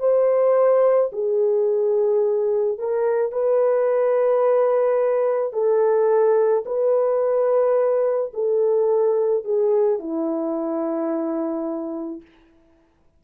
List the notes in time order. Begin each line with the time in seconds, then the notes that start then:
0.00 C5
1.13 G#4
2.79 A#4
3.32 B4
5.53 A4
6.66 B4
8.34 A4
9.44 G#4
9.99 E4